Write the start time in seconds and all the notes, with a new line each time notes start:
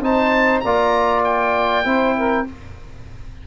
0.00 C4 D#4 C5 A5
0.60 A#3 F4 D5 A#5
1.24 G5
1.84 C4 E4 C5
2.16 A#4